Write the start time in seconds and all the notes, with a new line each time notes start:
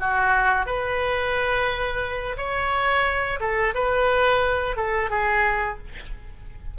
0.00 F#4
0.66 B4
2.38 C#5
3.40 A4
3.75 B4
4.77 A4
5.10 G#4